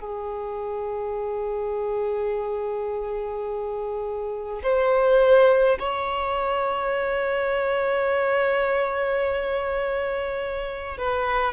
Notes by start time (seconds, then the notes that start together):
0.00 G#4
4.63 C5
5.79 C#5
10.98 B4